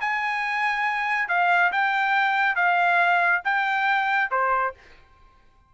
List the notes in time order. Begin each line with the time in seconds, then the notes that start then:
0.00 G#5
1.28 F5
1.72 G5
2.55 F5
3.44 G5
4.30 C5